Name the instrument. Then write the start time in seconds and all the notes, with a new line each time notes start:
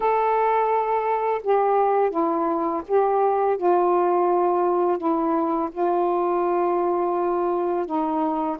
saxophone
0.00 A4
1.43 G4
2.10 E4
2.87 G4
3.57 F4
4.98 E4
5.71 F4
7.86 D#4